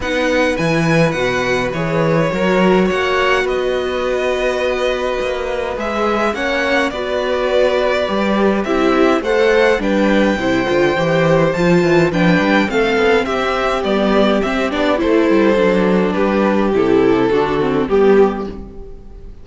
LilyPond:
<<
  \new Staff \with { instrumentName = "violin" } { \time 4/4 \tempo 4 = 104 fis''4 gis''4 fis''4 cis''4~ | cis''4 fis''4 dis''2~ | dis''2 e''4 fis''4 | d''2. e''4 |
fis''4 g''2. | a''4 g''4 f''4 e''4 | d''4 e''8 d''8 c''2 | b'4 a'2 g'4 | }
  \new Staff \with { instrumentName = "violin" } { \time 4/4 b'1 | ais'4 cis''4 b'2~ | b'2. cis''4 | b'2. g'4 |
c''4 b'4 c''2~ | c''4 b'4 a'4 g'4~ | g'2 a'2 | g'2 fis'4 g'4 | }
  \new Staff \with { instrumentName = "viola" } { \time 4/4 dis'4 e'4 fis'4 gis'4 | fis'1~ | fis'2 gis'4 cis'4 | fis'2 g'4 e'4 |
a'4 d'4 e'8 f'8 g'4 | f'4 d'4 c'2 | b4 c'8 d'8 e'4 d'4~ | d'4 e'4 d'8 c'8 b4 | }
  \new Staff \with { instrumentName = "cello" } { \time 4/4 b4 e4 b,4 e4 | fis4 ais4 b2~ | b4 ais4 gis4 ais4 | b2 g4 c'4 |
a4 g4 c8 d8 e4 | f8 e8 f8 g8 a8 b8 c'4 | g4 c'8 b8 a8 g8 fis4 | g4 c4 d4 g4 | }
>>